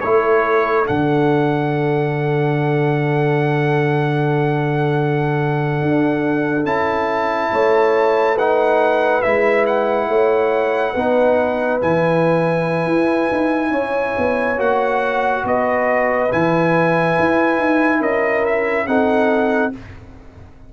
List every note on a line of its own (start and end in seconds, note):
0.00 0.89 A3
0.00 0.85 E4
0.00 7.51 A4
0.00 0.86 C#5
0.85 5.81 D3
0.85 6.63 D4
0.85 6.66 F#5
5.81 6.64 D4
6.64 7.49 C#4
6.64 8.37 E4
6.64 8.37 A5
7.51 9.24 A3
7.51 8.35 C#5
8.35 9.23 D#4
8.35 10.06 B4
8.35 9.22 F#5
9.22 10.07 G#3
9.22 10.94 E4
9.22 9.65 E5
9.66 11.80 F#5
10.07 10.93 A3
10.07 10.93 C#5
10.93 11.81 B3
10.93 11.81 D#4
10.93 13.71 B4
11.81 12.86 E3
11.81 14.57 E4
11.81 14.60 G#5
12.86 13.29 E4
13.32 13.70 D#4
13.70 14.13 C#4
13.70 15.42 C#5
14.17 14.58 B3
14.57 15.43 A#3
14.57 16.28 F#4
14.57 15.46 F#5
15.44 16.30 B3
15.44 18.00 B4
15.44 16.32 D#5
16.31 17.17 E3
16.31 18.87 E4
16.31 18.02 G#5
17.19 17.58 E4
17.58 18.00 D#4
18.00 18.86 C#4
18.00 18.86 A#4
18.00 18.45 D#5
18.45 18.86 E5
18.86 19.72 C4
18.86 19.72 D#4
18.86 19.73 A4
18.86 19.72 F#5